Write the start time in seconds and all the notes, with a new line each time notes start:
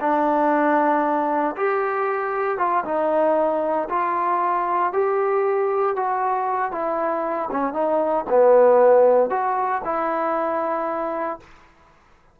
0.00 D4
1.56 G4
2.58 F4
2.84 D#4
3.89 F4
4.93 G4
5.96 F#4
6.71 E4
7.51 C#4
7.73 D#4
8.29 B3
9.30 F#4
9.84 E4